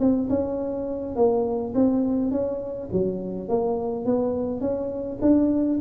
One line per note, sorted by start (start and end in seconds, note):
0.00 0.29 C4
0.29 1.16 C#4
1.16 1.74 A#3
1.75 2.32 C4
2.32 2.90 C#4
2.93 3.49 F#3
3.49 4.06 A#3
4.06 4.61 B3
4.61 5.18 C#4
5.22 5.80 D4